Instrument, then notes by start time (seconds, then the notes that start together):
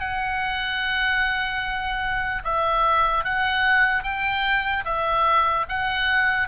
oboe
0.00 F#5
2.45 E5
3.25 F#5
4.04 G5
4.85 E5
5.69 F#5